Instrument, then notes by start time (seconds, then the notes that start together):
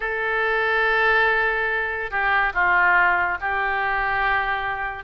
oboe
0.00 A4
2.10 G4
2.53 F4
3.40 G4